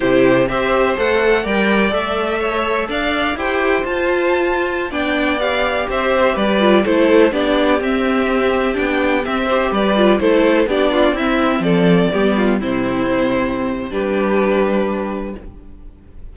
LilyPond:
<<
  \new Staff \with { instrumentName = "violin" } { \time 4/4 \tempo 4 = 125 c''4 e''4 fis''4 g''4 | e''2 f''4 g''4 | a''2~ a''16 g''4 f''8.~ | f''16 e''4 d''4 c''4 d''8.~ |
d''16 e''2 g''4 e''8.~ | e''16 d''4 c''4 d''4 e''8.~ | e''16 d''2 c''4.~ c''16~ | c''4 b'2. | }
  \new Staff \with { instrumentName = "violin" } { \time 4/4 g'4 c''2 d''4~ | d''4 cis''4 d''4 c''4~ | c''2~ c''16 d''4.~ d''16~ | d''16 c''4 b'4 a'4 g'8.~ |
g'2.~ g'8. c''16~ | c''16 b'4 a'4 g'8 f'8 e'8.~ | e'16 a'4 g'8 f'8 e'4.~ e'16~ | e'4 g'2. | }
  \new Staff \with { instrumentName = "viola" } { \time 4/4 e'4 g'4 a'4 ais'4 | a'2. g'4 | f'2~ f'16 d'4 g'8.~ | g'4.~ g'16 f'8 e'4 d'8.~ |
d'16 c'2 d'4 c'8 g'16~ | g'8. f'8 e'4 d'4 c'8.~ | c'4~ c'16 b4 c'4.~ c'16~ | c'4 d'2. | }
  \new Staff \with { instrumentName = "cello" } { \time 4/4 c4 c'4 a4 g4 | a2 d'4 e'4 | f'2~ f'16 b4.~ b16~ | b16 c'4 g4 a4 b8.~ |
b16 c'2 b4 c'8.~ | c'16 g4 a4 b4 c'8.~ | c'16 f4 g4 c4.~ c16~ | c4 g2. | }
>>